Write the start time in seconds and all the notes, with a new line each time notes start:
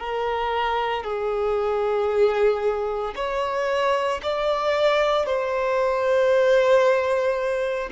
0.00 A#4
1.04 G#4
3.16 C#5
4.23 D5
5.26 C5